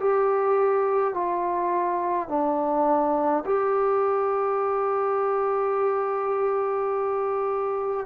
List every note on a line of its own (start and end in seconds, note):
0.00 1.14 G4
1.14 2.29 F4
2.29 3.44 D4
3.45 8.06 G4